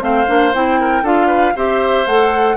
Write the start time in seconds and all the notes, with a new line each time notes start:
0.00 A3 C4 C5 F5
0.26 A#3 D4
0.54 C4 E4 G5
0.80 A#4
1.02 D4 F4 A4 F5
1.27 B4
1.55 C4 G4 C5 E5
2.06 A3 A4 F#5